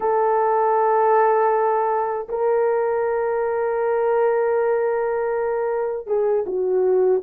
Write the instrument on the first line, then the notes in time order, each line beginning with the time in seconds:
horn
0.00 A4
2.28 A#4
6.07 G#4
6.46 F#4